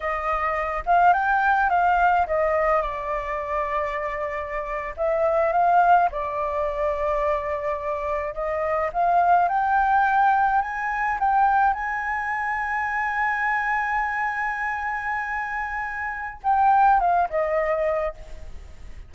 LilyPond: \new Staff \with { instrumentName = "flute" } { \time 4/4 \tempo 4 = 106 dis''4. f''8 g''4 f''4 | dis''4 d''2.~ | d''8. e''4 f''4 d''4~ d''16~ | d''2~ d''8. dis''4 f''16~ |
f''8. g''2 gis''4 g''16~ | g''8. gis''2.~ gis''16~ | gis''1~ | gis''4 g''4 f''8 dis''4. | }